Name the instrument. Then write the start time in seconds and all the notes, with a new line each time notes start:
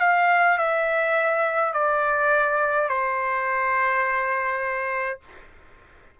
trumpet
0.00 F5
0.58 E5
1.73 D5
2.88 C5